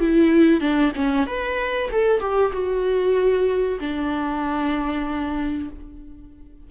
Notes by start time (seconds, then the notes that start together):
0.00 E4
0.61 D4
0.96 C#4
1.27 B4
1.91 A4
2.20 G4
2.53 F#4
3.80 D4